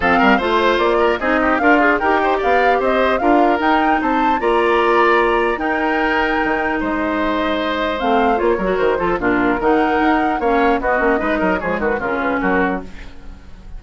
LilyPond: <<
  \new Staff \with { instrumentName = "flute" } { \time 4/4 \tempo 4 = 150 f''4 c''4 d''4 dis''4 | f''4 g''4 f''4 dis''4 | f''4 g''4 a''4 ais''4~ | ais''2 g''2~ |
g''4 dis''2. | f''4 cis''4 c''4 ais'4 | fis''2 f''4 dis''4~ | dis''4 cis''8 b'8 ais'8 b'8 ais'4 | }
  \new Staff \with { instrumentName = "oboe" } { \time 4/4 a'8 ais'8 c''4. ais'8 gis'8 g'8 | f'4 ais'8 c''8 d''4 c''4 | ais'2 c''4 d''4~ | d''2 ais'2~ |
ais'4 c''2.~ | c''4. ais'4 a'8 f'4 | ais'2 cis''4 fis'4 | b'8 ais'8 gis'8 fis'8 f'4 fis'4 | }
  \new Staff \with { instrumentName = "clarinet" } { \time 4/4 c'4 f'2 dis'4 | ais'8 gis'8 g'2. | f'4 dis'2 f'4~ | f'2 dis'2~ |
dis'1 | c'4 f'8 fis'4 f'8 d'4 | dis'2 cis'4 b8 cis'8 | dis'4 gis4 cis'2 | }
  \new Staff \with { instrumentName = "bassoon" } { \time 4/4 f8 g8 a4 ais4 c'4 | d'4 dis'4 b4 c'4 | d'4 dis'4 c'4 ais4~ | ais2 dis'2 |
dis4 gis2. | a4 ais8 fis8 dis8 f8 ais,4 | dis4 dis'4 ais4 b8 ais8 | gis8 fis8 f8 dis8 cis4 fis4 | }
>>